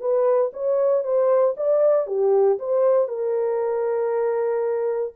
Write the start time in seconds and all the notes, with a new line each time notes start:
0.00 B4
0.53 C#5
1.04 C5
1.57 D5
2.07 G4
2.59 C5
3.08 A#4